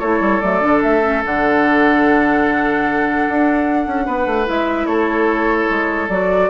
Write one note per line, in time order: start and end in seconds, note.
0.00 0.21 A3
0.00 0.42 E4
0.00 4.05 A4
0.00 0.41 C#5
0.21 0.41 G3
0.41 0.63 F#3
0.41 0.61 A3
0.41 0.82 D5
0.61 0.83 D3
0.61 1.02 D4
0.83 1.24 A3
0.83 1.23 E5
1.02 1.22 C#4
1.25 3.28 D3
1.25 4.46 D4
1.25 4.48 F#5
3.29 3.87 D4
3.87 4.07 C#4
4.07 4.27 B3
4.07 4.88 B4
4.27 4.47 A3
4.46 4.86 G#3
4.46 6.09 E4
4.46 4.87 E5
4.86 5.67 A3
4.86 6.50 A4
4.86 6.08 C#5
5.70 6.09 G#3
6.09 6.50 F#3
6.09 6.50 F#4
6.09 6.50 D5